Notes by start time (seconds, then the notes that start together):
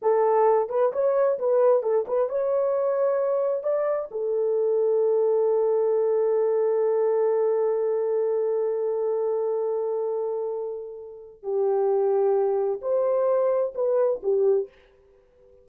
0.01 A4
0.69 B4
0.92 C#5
1.38 B4
1.82 A4
2.07 B4
2.29 C#5
3.63 D5
4.11 A4
11.42 G4
12.81 C5
13.74 B4
14.22 G4